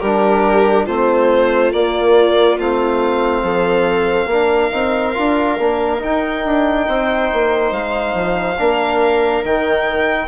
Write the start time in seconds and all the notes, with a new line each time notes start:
0.00 G3 D4 G4 A#4
0.85 A3 C4 F4 C5
1.73 A#3 D5
2.59 A3 C4 F5
3.43 F3 A4
4.26 A#3 D4 A#4
4.72 C4 D#4
5.15 D4 F4
5.58 A#3 D4
5.99 D#4 G5
6.45 D4
6.88 C4 C5
7.33 A#3
7.72 G#3 F5
8.14 F3
8.59 A#3 D4 A#4
9.44 D#3 D#4 G5